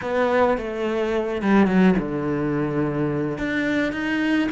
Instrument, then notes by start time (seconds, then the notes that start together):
cello
0.01 B3
0.57 A3
1.42 G3
1.66 F#3
1.99 D3
3.37 D4
3.92 D#4